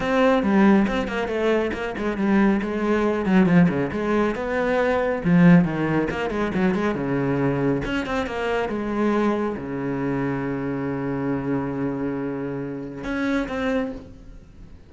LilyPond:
\new Staff \with { instrumentName = "cello" } { \time 4/4 \tempo 4 = 138 c'4 g4 c'8 ais8 a4 | ais8 gis8 g4 gis4. fis8 | f8 cis8 gis4 b2 | f4 dis4 ais8 gis8 fis8 gis8 |
cis2 cis'8 c'8 ais4 | gis2 cis2~ | cis1~ | cis2 cis'4 c'4 | }